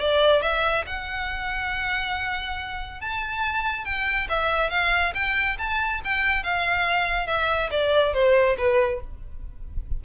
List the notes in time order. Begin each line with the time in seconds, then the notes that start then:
0.00 D5
0.42 E5
0.86 F#5
3.01 A5
3.85 G5
4.30 E5
4.70 F5
5.14 G5
5.59 A5
6.04 G5
6.43 F5
7.27 E5
7.71 D5
8.14 C5
8.58 B4